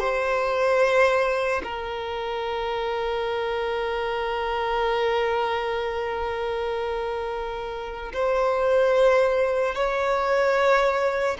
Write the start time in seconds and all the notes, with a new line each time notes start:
0.00 C5
1.64 A#4
8.13 C5
9.75 C#5